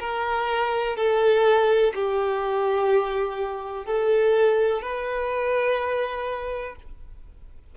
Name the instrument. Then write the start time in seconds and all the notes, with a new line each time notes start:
violin
0.00 A#4
0.96 A4
1.94 G4
3.85 A4
4.82 B4